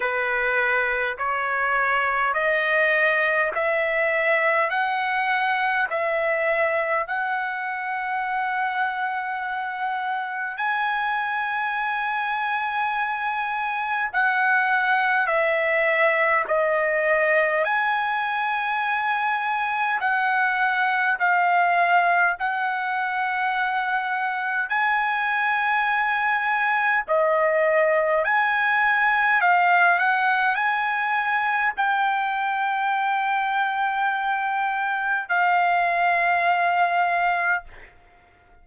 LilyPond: \new Staff \with { instrumentName = "trumpet" } { \time 4/4 \tempo 4 = 51 b'4 cis''4 dis''4 e''4 | fis''4 e''4 fis''2~ | fis''4 gis''2. | fis''4 e''4 dis''4 gis''4~ |
gis''4 fis''4 f''4 fis''4~ | fis''4 gis''2 dis''4 | gis''4 f''8 fis''8 gis''4 g''4~ | g''2 f''2 | }